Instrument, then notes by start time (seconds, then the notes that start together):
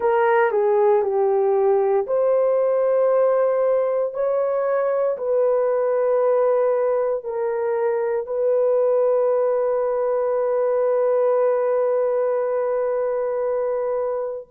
horn
0.00 A#4
0.51 G#4
1.02 G4
2.06 C5
4.13 C#5
5.17 B4
7.24 A#4
8.26 B4